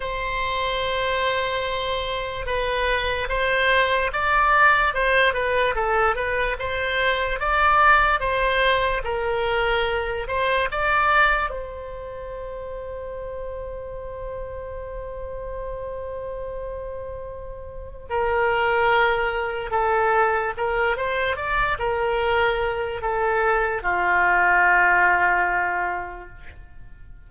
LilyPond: \new Staff \with { instrumentName = "oboe" } { \time 4/4 \tempo 4 = 73 c''2. b'4 | c''4 d''4 c''8 b'8 a'8 b'8 | c''4 d''4 c''4 ais'4~ | ais'8 c''8 d''4 c''2~ |
c''1~ | c''2 ais'2 | a'4 ais'8 c''8 d''8 ais'4. | a'4 f'2. | }